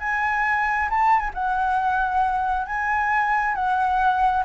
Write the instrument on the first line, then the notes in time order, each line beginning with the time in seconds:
flute
0.00 G#5
0.91 A5
1.20 G#5
1.34 F#5
2.67 G#5
3.55 F#5